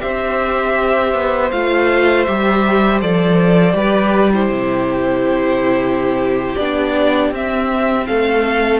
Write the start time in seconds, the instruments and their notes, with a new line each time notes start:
0.00 cello C4, viola G4, violin C5 E5
1.14 cello B3
1.51 cello A3, viola F4, violin F5
2.25 cello G3, viola G4, violin E5
3.01 cello F3, viola A4, violin D5
3.72 cello G3, viola G4, violin B4
4.34 viola E4, violin G4 C5
4.49 cello C3
6.56 cello B3, viola D4, violin D5
7.31 cello C4, viola C4, violin E5
8.07 cello A3, violin A4 F5